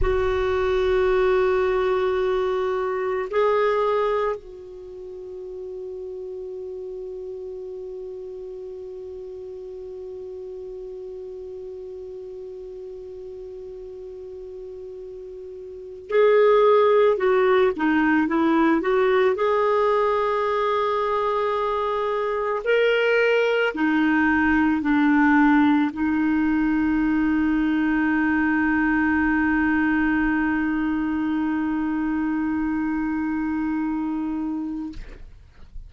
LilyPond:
\new Staff \with { instrumentName = "clarinet" } { \time 4/4 \tempo 4 = 55 fis'2. gis'4 | fis'1~ | fis'1~ | fis'2~ fis'8. gis'4 fis'16~ |
fis'16 dis'8 e'8 fis'8 gis'2~ gis'16~ | gis'8. ais'4 dis'4 d'4 dis'16~ | dis'1~ | dis'1 | }